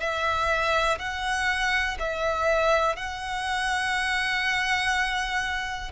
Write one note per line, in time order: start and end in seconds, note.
0.00 0.98 E5
0.99 1.97 F#5
1.99 2.96 E5
2.96 5.92 F#5